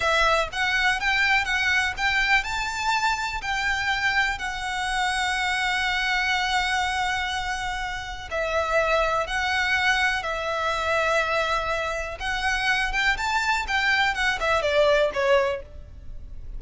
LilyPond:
\new Staff \with { instrumentName = "violin" } { \time 4/4 \tempo 4 = 123 e''4 fis''4 g''4 fis''4 | g''4 a''2 g''4~ | g''4 fis''2.~ | fis''1~ |
fis''4 e''2 fis''4~ | fis''4 e''2.~ | e''4 fis''4. g''8 a''4 | g''4 fis''8 e''8 d''4 cis''4 | }